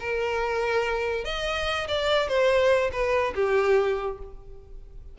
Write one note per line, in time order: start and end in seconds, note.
0.00 1.25 A#4
1.25 1.87 D#5
1.88 2.28 D5
2.28 2.91 C5
2.92 3.34 B4
3.35 4.18 G4